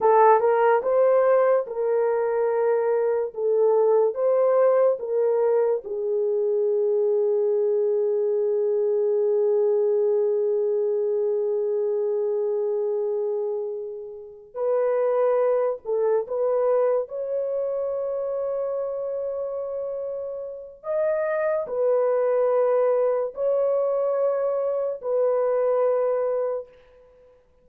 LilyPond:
\new Staff \with { instrumentName = "horn" } { \time 4/4 \tempo 4 = 72 a'8 ais'8 c''4 ais'2 | a'4 c''4 ais'4 gis'4~ | gis'1~ | gis'1~ |
gis'4. b'4. a'8 b'8~ | b'8 cis''2.~ cis''8~ | cis''4 dis''4 b'2 | cis''2 b'2 | }